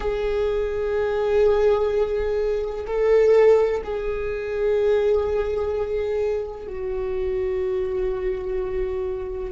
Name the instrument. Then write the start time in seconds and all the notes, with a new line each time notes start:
viola
0.00 G#4
2.87 A4
3.84 G#4
6.67 F#4